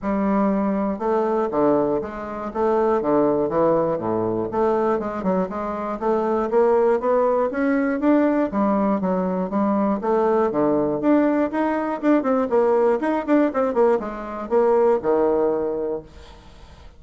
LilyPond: \new Staff \with { instrumentName = "bassoon" } { \time 4/4 \tempo 4 = 120 g2 a4 d4 | gis4 a4 d4 e4 | a,4 a4 gis8 fis8 gis4 | a4 ais4 b4 cis'4 |
d'4 g4 fis4 g4 | a4 d4 d'4 dis'4 | d'8 c'8 ais4 dis'8 d'8 c'8 ais8 | gis4 ais4 dis2 | }